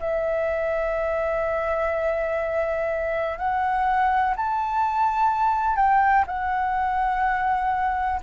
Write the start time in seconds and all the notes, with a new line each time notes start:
0.00 E5
3.38 F#5
4.36 A5
5.76 G5
6.27 F#5